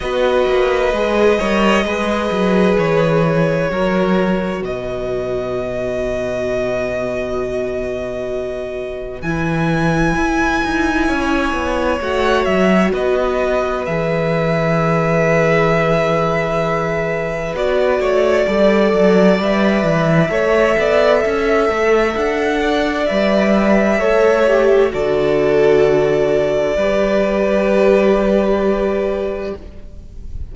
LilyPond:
<<
  \new Staff \with { instrumentName = "violin" } { \time 4/4 \tempo 4 = 65 dis''2. cis''4~ | cis''4 dis''2.~ | dis''2 gis''2~ | gis''4 fis''8 e''8 dis''4 e''4~ |
e''2. d''4~ | d''4 e''2. | fis''4 e''2 d''4~ | d''1 | }
  \new Staff \with { instrumentName = "violin" } { \time 4/4 b'4. cis''8 b'2 | ais'4 b'2.~ | b'1 | cis''2 b'2~ |
b'2.~ b'8 cis''8 | d''2 cis''8 d''8 e''4~ | e''8 d''4. cis''4 a'4~ | a'4 b'2. | }
  \new Staff \with { instrumentName = "viola" } { \time 4/4 fis'4 gis'8 ais'8 gis'2 | fis'1~ | fis'2 e'2~ | e'4 fis'2 gis'4~ |
gis'2. fis'4 | a'4 b'4 a'2~ | a'4 b'4 a'8 g'8 fis'4~ | fis'4 g'2. | }
  \new Staff \with { instrumentName = "cello" } { \time 4/4 b8 ais8 gis8 g8 gis8 fis8 e4 | fis4 b,2.~ | b,2 e4 e'8 dis'8 | cis'8 b8 a8 fis8 b4 e4~ |
e2. b8 a8 | g8 fis8 g8 e8 a8 b8 cis'8 a8 | d'4 g4 a4 d4~ | d4 g2. | }
>>